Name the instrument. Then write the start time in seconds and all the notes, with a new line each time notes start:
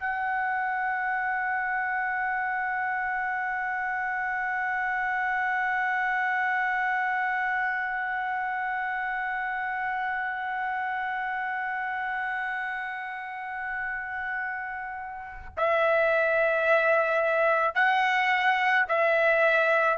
trumpet
0.00 F#5
15.58 E5
17.75 F#5
18.89 E5